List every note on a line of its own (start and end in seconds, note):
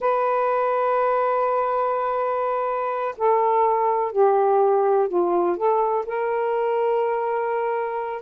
0.00 3.15 B4
3.17 4.12 A4
4.12 5.08 G4
5.08 5.56 F4
5.56 6.05 A4
6.06 8.22 A#4